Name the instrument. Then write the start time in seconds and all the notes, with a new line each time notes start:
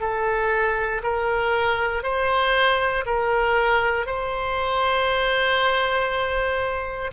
oboe
0.00 A4
1.03 A#4
2.03 C5
3.06 A#4
4.06 C5